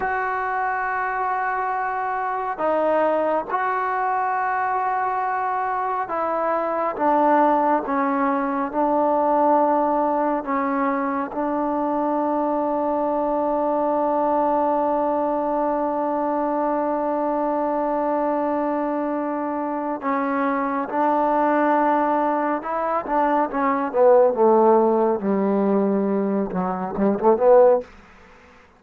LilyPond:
\new Staff \with { instrumentName = "trombone" } { \time 4/4 \tempo 4 = 69 fis'2. dis'4 | fis'2. e'4 | d'4 cis'4 d'2 | cis'4 d'2.~ |
d'1~ | d'2. cis'4 | d'2 e'8 d'8 cis'8 b8 | a4 g4. fis8 g16 a16 b8 | }